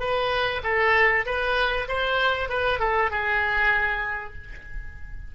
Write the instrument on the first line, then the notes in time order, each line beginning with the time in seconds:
oboe
0.00 B4
0.64 A4
1.26 B4
1.88 C5
2.49 B4
2.80 A4
3.11 G#4